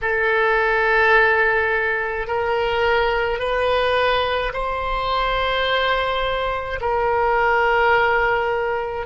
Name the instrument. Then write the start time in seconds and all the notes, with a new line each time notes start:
oboe
0.01 A4
2.26 A#4
3.39 B4
4.53 C5
6.80 A#4